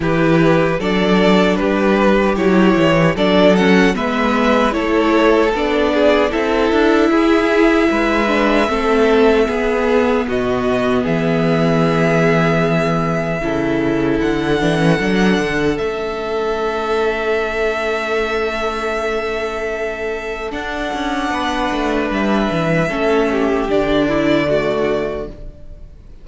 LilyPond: <<
  \new Staff \with { instrumentName = "violin" } { \time 4/4 \tempo 4 = 76 b'4 d''4 b'4 cis''4 | d''8 fis''8 e''4 cis''4 d''4 | e''1~ | e''4 dis''4 e''2~ |
e''2 fis''2 | e''1~ | e''2 fis''2 | e''2 d''2 | }
  \new Staff \with { instrumentName = "violin" } { \time 4/4 g'4 a'4 g'2 | a'4 b'4 a'4. gis'8 | a'4 gis'4 b'4 a'4 | gis'4 fis'4 gis'2~ |
gis'4 a'2.~ | a'1~ | a'2. b'4~ | b'4 a'8 g'4 e'8 fis'4 | }
  \new Staff \with { instrumentName = "viola" } { \time 4/4 e'4 d'2 e'4 | d'8 cis'8 b4 e'4 d'4 | e'2~ e'8 d'8 c'4 | b1~ |
b4 e'4. d'16 cis'16 d'4 | cis'1~ | cis'2 d'2~ | d'4 cis'4 d'4 a4 | }
  \new Staff \with { instrumentName = "cello" } { \time 4/4 e4 fis4 g4 fis8 e8 | fis4 gis4 a4 b4 | c'8 d'8 e'4 gis4 a4 | b4 b,4 e2~ |
e4 cis4 d8 e8 fis8 d8 | a1~ | a2 d'8 cis'8 b8 a8 | g8 e8 a4 d2 | }
>>